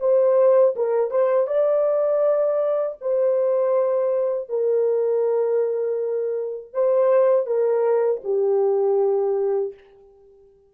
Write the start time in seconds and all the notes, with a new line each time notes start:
0.00 C5
0.76 A#4
1.10 C5
1.47 D5
3.01 C5
4.49 A#4
6.73 C5
7.46 A#4
8.24 G4